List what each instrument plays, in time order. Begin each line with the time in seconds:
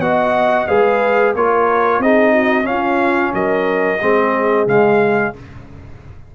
0.00 tuba B3, trombone F#4, horn D#5, trumpet F#5
0.67 tuba G#3, trombone G#4, horn B4, trumpet F5
1.36 tuba A#3, trombone F4, horn A#4, trumpet C#5
1.99 tuba C4, trombone D#4, horn G#4, trumpet D#5
2.33 horn F#4
2.64 trombone C#4, tuba C#4, horn F4, trumpet F5
3.34 tuba F#3, horn A#4, trumpet D#5
4.02 tuba G#3, trombone C4, horn G#4
4.67 tuba C#3, trombone G#3, trumpet F5